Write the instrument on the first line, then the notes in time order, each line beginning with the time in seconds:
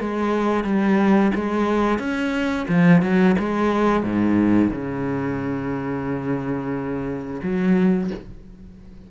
cello
0.00 G#3
0.64 G3
1.35 G#3
1.99 C#4
2.68 F3
3.02 F#3
3.39 G#3
4.03 G#2
4.71 C#3
7.43 F#3